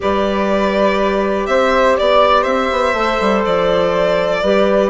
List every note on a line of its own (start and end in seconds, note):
0.00 1.47 G3
0.00 2.95 G4
0.00 1.48 B4
0.00 1.46 D5
1.46 1.96 C4
1.46 1.97 C5
1.46 1.95 E5
1.97 2.45 B3
1.97 2.42 D5
1.97 2.43 D5
2.42 2.70 C4
2.42 4.38 C5
2.42 3.41 E5
2.70 2.93 B3
2.93 3.17 A3
2.93 4.42 A4
3.20 3.44 G3
3.45 4.43 F3
3.45 4.89 D5
4.42 4.89 G3
4.42 4.89 G4
4.42 4.89 B4